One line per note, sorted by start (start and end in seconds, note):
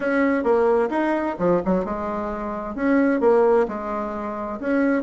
0.00 0.43 C#4
0.43 0.89 A#3
0.89 1.35 D#4
1.38 1.61 F3
1.65 1.84 F#3
1.84 2.75 G#3
2.75 3.20 C#4
3.20 3.66 A#3
3.68 4.59 G#3
4.60 5.02 C#4